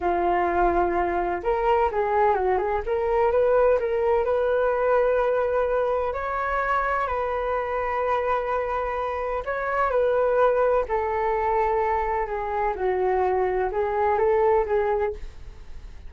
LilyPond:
\new Staff \with { instrumentName = "flute" } { \time 4/4 \tempo 4 = 127 f'2. ais'4 | gis'4 fis'8 gis'8 ais'4 b'4 | ais'4 b'2.~ | b'4 cis''2 b'4~ |
b'1 | cis''4 b'2 a'4~ | a'2 gis'4 fis'4~ | fis'4 gis'4 a'4 gis'4 | }